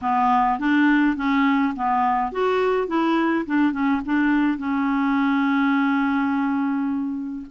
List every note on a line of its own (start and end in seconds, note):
0.01 0.59 B3
0.59 1.16 D4
1.16 1.74 C#4
1.75 2.32 B3
2.32 2.87 F#4
2.87 3.45 E4
3.46 3.72 D4
3.72 4.01 C#4
4.05 4.57 D4
4.57 7.46 C#4